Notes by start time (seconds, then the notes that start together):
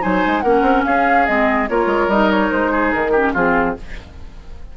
0.00 F#3 D#4 C5 G#5
0.26 G#3
0.40 A#3 C#4 A#4 F#5
0.62 C4
0.84 C#4 G#4 F5
1.26 G#3 C4 D#5
1.68 A#3 F4 A#4 C#5
1.86 G#3
2.07 G3 D#4 D#5
2.30 C#5
2.51 G#3 C5
2.71 G#4
2.92 D#3 A#4
3.11 C#4 G4
3.33 F3 C4 F4 G#4